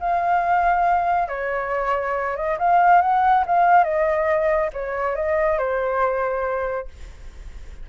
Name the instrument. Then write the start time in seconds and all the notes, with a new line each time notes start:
flute
0.00 F5
1.29 C#5
2.37 D#5
2.59 F5
3.02 F#5
3.46 F5
3.84 D#5
4.73 C#5
5.16 D#5
5.59 C5